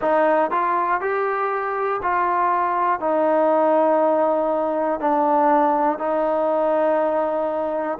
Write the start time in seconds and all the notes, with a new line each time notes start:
0.01 D#4
0.50 F4
1.00 G4
2.02 F4
3.00 D#4
5.00 D4
5.98 D#4